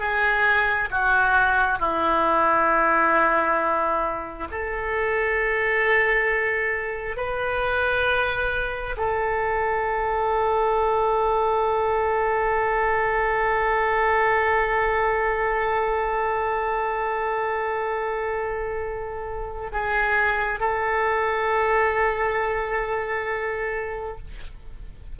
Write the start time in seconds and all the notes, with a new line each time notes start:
0.00 G#4
0.91 F#4
1.80 E4
4.52 A4
7.17 B4
8.97 A4
19.73 G#4
20.60 A4